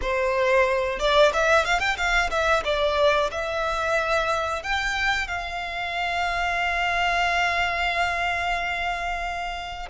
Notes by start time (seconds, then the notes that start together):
0.01 C5
0.99 D5
1.33 E5
1.65 F5
1.80 G5
1.97 F5
2.30 E5
2.64 D5
3.31 E5
4.62 G5
5.27 F5